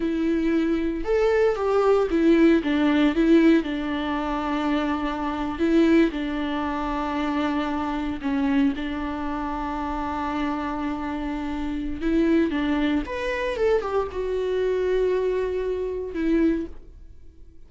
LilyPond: \new Staff \with { instrumentName = "viola" } { \time 4/4 \tempo 4 = 115 e'2 a'4 g'4 | e'4 d'4 e'4 d'4~ | d'2~ d'8. e'4 d'16~ | d'2.~ d'8. cis'16~ |
cis'8. d'2.~ d'16~ | d'2. e'4 | d'4 b'4 a'8 g'8 fis'4~ | fis'2. e'4 | }